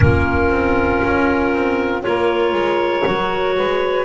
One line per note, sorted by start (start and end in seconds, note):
0.00 0.50 A#3
0.00 2.01 C#4
0.00 2.04 F4
0.00 2.02 A#4
0.50 1.00 C4
1.03 1.53 C#4
1.53 2.04 C4
2.01 2.52 A#3
2.01 3.03 F4
2.01 3.56 A#4
2.01 4.04 C#5
2.52 3.03 G#3
3.04 3.57 F#3
3.04 4.04 F#4
3.56 4.04 G#3
3.56 4.04 B4